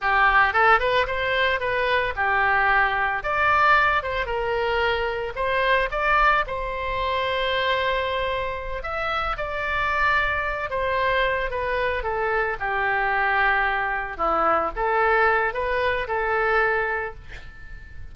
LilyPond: \new Staff \with { instrumentName = "oboe" } { \time 4/4 \tempo 4 = 112 g'4 a'8 b'8 c''4 b'4 | g'2 d''4. c''8 | ais'2 c''4 d''4 | c''1~ |
c''8 e''4 d''2~ d''8 | c''4. b'4 a'4 g'8~ | g'2~ g'8 e'4 a'8~ | a'4 b'4 a'2 | }